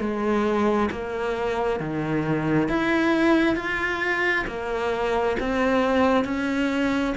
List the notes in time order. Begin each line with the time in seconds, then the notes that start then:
0.00 G#3
0.91 A#3
1.80 D#3
2.69 E4
3.56 F4
4.47 A#3
5.40 C4
6.25 C#4